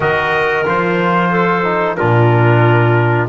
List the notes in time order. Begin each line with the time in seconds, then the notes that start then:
0.00 D#3 F#4 A#4 D#5
0.65 F3 F4 C5
1.30 A4
1.64 D#4
1.96 A#2 D4 F4 A#4